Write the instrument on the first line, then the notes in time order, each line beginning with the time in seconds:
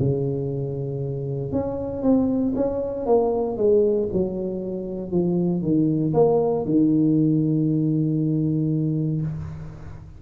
tuba
0.00 C#3
1.52 C#4
2.03 C4
2.56 C#4
3.06 A#3
3.58 G#3
4.13 F#3
5.12 F3
5.62 D#3
6.14 A#3
6.65 D#3